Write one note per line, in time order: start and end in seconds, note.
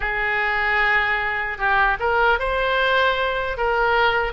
0.00 1.58 G#4
1.58 1.97 G4
1.99 2.39 A#4
2.39 3.57 C5
3.57 4.32 A#4